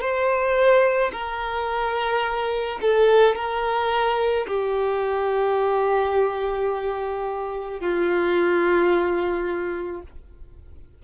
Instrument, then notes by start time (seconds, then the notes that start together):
violin
0.00 C5
1.12 A#4
2.81 A4
3.35 A#4
4.46 G4
7.80 F4